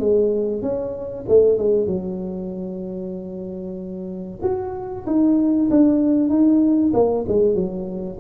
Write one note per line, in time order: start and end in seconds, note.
0.00 0.62 G#3
0.62 1.25 C#4
1.29 1.58 A3
1.58 1.87 G#3
1.87 4.40 F#3
4.43 5.06 F#4
5.07 5.70 D#4
5.71 6.30 D4
6.30 6.93 D#4
6.94 7.25 A#3
7.28 7.55 G#3
7.55 8.18 F#3